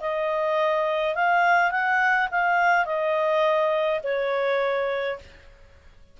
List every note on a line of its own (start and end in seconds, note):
0.00 1.15 D#5
1.15 1.70 F5
1.70 2.28 F#5
2.31 2.85 F5
2.85 4.00 D#5
4.03 5.18 C#5